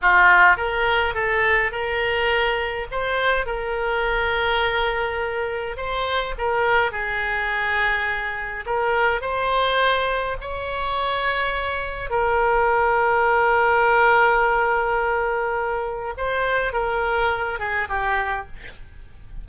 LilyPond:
\new Staff \with { instrumentName = "oboe" } { \time 4/4 \tempo 4 = 104 f'4 ais'4 a'4 ais'4~ | ais'4 c''4 ais'2~ | ais'2 c''4 ais'4 | gis'2. ais'4 |
c''2 cis''2~ | cis''4 ais'2.~ | ais'1 | c''4 ais'4. gis'8 g'4 | }